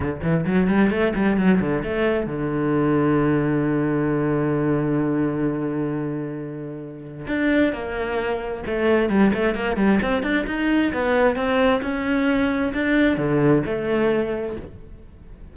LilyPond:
\new Staff \with { instrumentName = "cello" } { \time 4/4 \tempo 4 = 132 d8 e8 fis8 g8 a8 g8 fis8 d8 | a4 d2.~ | d1~ | d1 |
d'4 ais2 a4 | g8 a8 ais8 g8 c'8 d'8 dis'4 | b4 c'4 cis'2 | d'4 d4 a2 | }